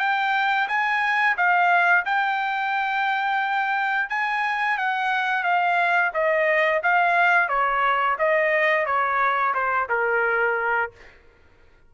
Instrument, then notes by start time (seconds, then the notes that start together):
trumpet
0.00 G5
0.68 G#5
1.37 F5
2.06 G5
4.10 G#5
4.78 F#5
5.44 F5
6.14 D#5
6.83 F5
7.49 C#5
8.19 D#5
8.86 C#5
9.54 C5
9.89 A#4